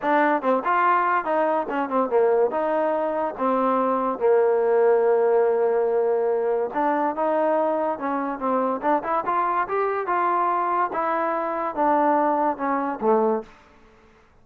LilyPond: \new Staff \with { instrumentName = "trombone" } { \time 4/4 \tempo 4 = 143 d'4 c'8 f'4. dis'4 | cis'8 c'8 ais4 dis'2 | c'2 ais2~ | ais1 |
d'4 dis'2 cis'4 | c'4 d'8 e'8 f'4 g'4 | f'2 e'2 | d'2 cis'4 a4 | }